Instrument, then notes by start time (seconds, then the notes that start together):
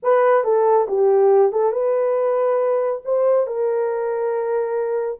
horn
0.03 B4
0.44 A4
0.88 G4
1.51 A4
1.72 B4
3.04 C5
3.46 A#4